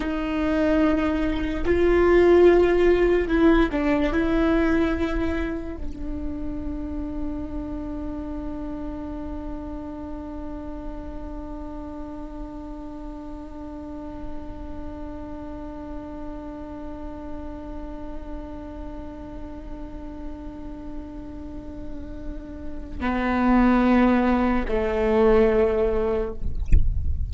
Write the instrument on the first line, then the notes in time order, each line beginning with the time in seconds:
viola
0.00 D#4
1.65 F4
3.28 E4
3.71 D4
4.12 E4
5.76 D4
23.00 B3
24.68 A3